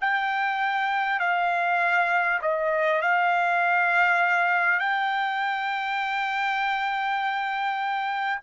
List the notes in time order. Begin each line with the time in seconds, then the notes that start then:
0.00 G5
1.19 F5
2.41 D#5
3.01 F5
4.79 G5